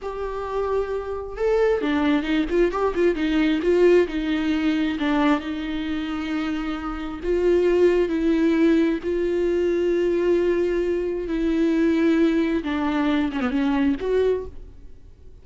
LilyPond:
\new Staff \with { instrumentName = "viola" } { \time 4/4 \tempo 4 = 133 g'2. a'4 | d'4 dis'8 f'8 g'8 f'8 dis'4 | f'4 dis'2 d'4 | dis'1 |
f'2 e'2 | f'1~ | f'4 e'2. | d'4. cis'16 b16 cis'4 fis'4 | }